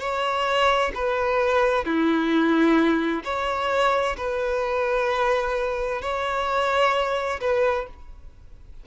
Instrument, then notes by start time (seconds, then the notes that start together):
violin
0.00 C#5
0.95 B4
1.85 E4
3.24 C#5
4.17 B4
6.02 C#5
7.41 B4